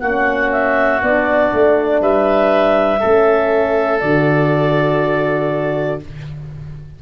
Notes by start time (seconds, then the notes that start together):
0.00 A#3 C#4 F#4 F#5
0.52 E5
1.02 B3 D4 D5
1.53 A3
2.01 G3 B4 E5
3.00 A3 C#4 A4
4.00 D3 F#4 D5